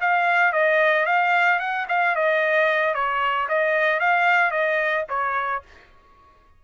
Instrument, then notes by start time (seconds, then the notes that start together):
trumpet
0.00 F5
0.52 D#5
1.05 F5
1.59 F#5
1.88 F5
2.15 D#5
2.94 C#5
3.48 D#5
3.99 F5
4.51 D#5
5.09 C#5